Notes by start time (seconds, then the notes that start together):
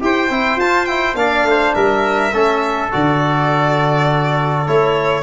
0.00 E4 G4 C5 G5
0.30 C4 E4
0.56 F4 A5
0.85 E4 G5
1.15 A#3 D4 D5 F5
1.43 A3
1.50 C5
1.74 G3 A#4 E5
2.32 A3 C#4 A4
2.91 D3 F#4 D5
4.67 A3 E4 C#5